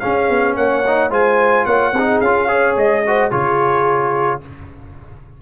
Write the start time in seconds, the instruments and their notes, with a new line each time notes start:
0.00 trombone C#4, tuba C#4, horn G#4, trumpet F5
0.29 tuba B3
0.56 tuba A#3, horn C#5, trumpet F#5
0.87 trombone D#4
1.10 tuba G#3, trombone F4, horn C5, trumpet G#5
1.66 tuba A#3, horn C#5, trumpet F#5
1.93 tuba C4, trombone D#4, horn G#4
2.21 tuba C#4, trombone F4, trumpet F5
2.48 trombone G#4, horn C#5
2.77 tuba G#3, trumpet D#5
3.07 trombone F#4, horn C5
3.31 tuba C#3, trombone F4, horn G#4, trumpet C#5